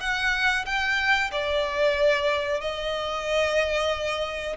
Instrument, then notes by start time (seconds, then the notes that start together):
violin
0.00 F#5
0.66 G5
1.32 D5
2.61 D#5